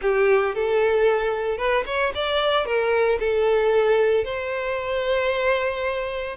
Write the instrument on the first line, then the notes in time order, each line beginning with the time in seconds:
violin
0.01 G4
0.54 A4
1.57 B4
1.86 C#5
2.14 D5
2.65 A#4
3.19 A4
4.24 C5